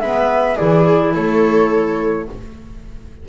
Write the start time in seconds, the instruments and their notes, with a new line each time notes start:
0.00 double bass G#3, clarinet B3, viola B4, flute E5
0.56 double bass E3, clarinet E4, viola G#4, flute D5
1.13 double bass A3, viola A4, flute C#5